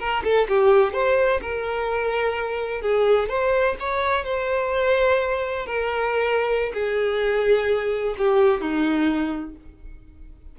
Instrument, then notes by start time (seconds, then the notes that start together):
violin
0.00 A#4
0.25 A4
0.49 G4
0.94 C5
1.42 A#4
2.82 G#4
3.29 C5
3.80 C#5
4.25 C5
5.67 A#4
6.74 G#4
8.18 G4
8.61 D#4